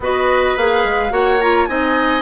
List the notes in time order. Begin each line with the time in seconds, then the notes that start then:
0.00 B3 F#4 B4 D#5
0.57 A#3 G#4 F5
0.84 G#3
1.09 A#3 F#4 C#5 F#5
1.40 F4 A#5
1.66 C4 D#4 D#5 G#5